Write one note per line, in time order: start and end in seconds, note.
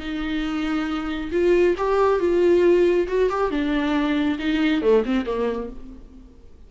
0.00 1.31 D#4
1.32 1.76 F4
1.78 2.20 G4
2.20 3.08 F4
3.08 3.30 F#4
3.30 3.51 G4
3.51 4.39 D4
4.39 4.82 D#4
4.82 5.04 A3
5.06 5.26 C4
5.26 5.70 A#3